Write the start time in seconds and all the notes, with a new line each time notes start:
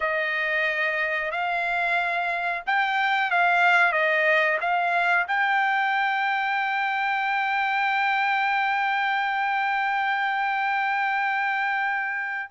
0.00 D#5
1.31 F5
2.66 G5
3.30 F5
3.92 D#5
4.61 F5
5.27 G5